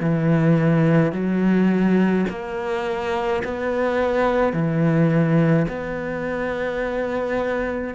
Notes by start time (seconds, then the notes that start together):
0.00 E3
1.12 F#3
2.29 A#3
3.44 B3
4.52 E3
5.68 B3